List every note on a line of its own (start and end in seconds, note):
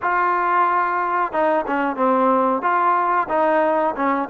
0.02 1.32 F4
1.32 1.65 D#4
1.66 1.96 C#4
1.96 2.61 C4
2.61 3.27 F4
3.28 3.94 D#4
3.96 4.29 C#4